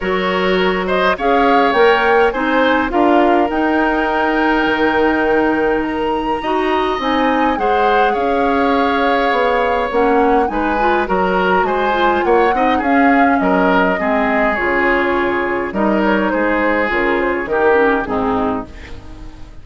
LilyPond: <<
  \new Staff \with { instrumentName = "flute" } { \time 4/4 \tempo 4 = 103 cis''4. dis''8 f''4 g''4 | gis''4 f''4 g''2~ | g''2 ais''2 | gis''4 fis''4 f''2~ |
f''4 fis''4 gis''4 ais''4 | gis''4 fis''4 f''4 dis''4~ | dis''4 cis''2 dis''8 cis''8 | c''4 ais'8 c''16 cis''16 ais'4 gis'4 | }
  \new Staff \with { instrumentName = "oboe" } { \time 4/4 ais'4. c''8 cis''2 | c''4 ais'2.~ | ais'2. dis''4~ | dis''4 c''4 cis''2~ |
cis''2 b'4 ais'4 | c''4 cis''8 dis''8 gis'4 ais'4 | gis'2. ais'4 | gis'2 g'4 dis'4 | }
  \new Staff \with { instrumentName = "clarinet" } { \time 4/4 fis'2 gis'4 ais'4 | dis'4 f'4 dis'2~ | dis'2. fis'4 | dis'4 gis'2.~ |
gis'4 cis'4 dis'8 f'8 fis'4~ | fis'8 f'4 dis'8 cis'2 | c'4 f'2 dis'4~ | dis'4 f'4 dis'8 cis'8 c'4 | }
  \new Staff \with { instrumentName = "bassoon" } { \time 4/4 fis2 cis'4 ais4 | c'4 d'4 dis'2 | dis2. dis'4 | c'4 gis4 cis'2 |
b4 ais4 gis4 fis4 | gis4 ais8 c'8 cis'4 fis4 | gis4 cis2 g4 | gis4 cis4 dis4 gis,4 | }
>>